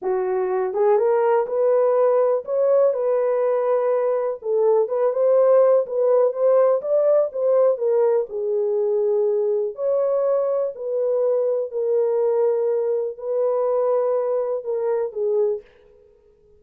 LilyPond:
\new Staff \with { instrumentName = "horn" } { \time 4/4 \tempo 4 = 123 fis'4. gis'8 ais'4 b'4~ | b'4 cis''4 b'2~ | b'4 a'4 b'8 c''4. | b'4 c''4 d''4 c''4 |
ais'4 gis'2. | cis''2 b'2 | ais'2. b'4~ | b'2 ais'4 gis'4 | }